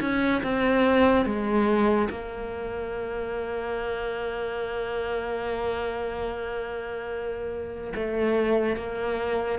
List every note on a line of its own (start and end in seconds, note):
0.00 0.42 C#4
0.43 1.25 C4
1.25 2.09 G#3
2.10 7.93 A#3
7.95 8.76 A3
8.76 9.59 A#3